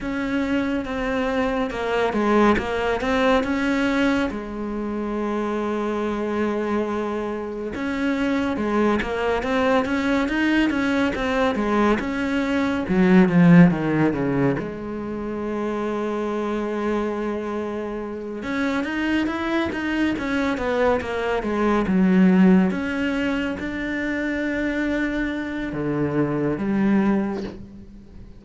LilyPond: \new Staff \with { instrumentName = "cello" } { \time 4/4 \tempo 4 = 70 cis'4 c'4 ais8 gis8 ais8 c'8 | cis'4 gis2.~ | gis4 cis'4 gis8 ais8 c'8 cis'8 | dis'8 cis'8 c'8 gis8 cis'4 fis8 f8 |
dis8 cis8 gis2.~ | gis4. cis'8 dis'8 e'8 dis'8 cis'8 | b8 ais8 gis8 fis4 cis'4 d'8~ | d'2 d4 g4 | }